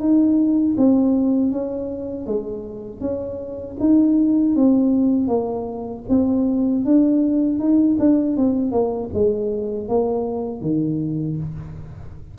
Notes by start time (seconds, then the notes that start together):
0.00 D#4
0.78 C4
1.52 C#4
2.27 G#3
3.01 C#4
3.80 D#4
4.56 C4
5.28 A#3
6.09 C4
6.86 D4
7.59 D#4
8.00 D4
8.38 C4
8.72 A#3
9.14 G#3
9.89 A#3
10.62 D#3